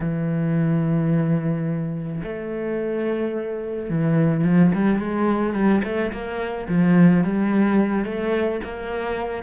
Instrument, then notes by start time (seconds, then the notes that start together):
cello
0.00 E3
2.23 A3
3.89 E3
4.44 F3
4.74 G3
4.99 G#3
5.53 G3
5.84 A3
6.12 A#3
6.68 F3
7.23 G3
8.04 A3
8.63 A#3